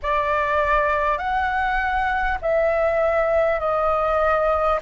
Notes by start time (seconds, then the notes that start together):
0.02 D5
1.18 F#5
2.41 E5
3.59 D#5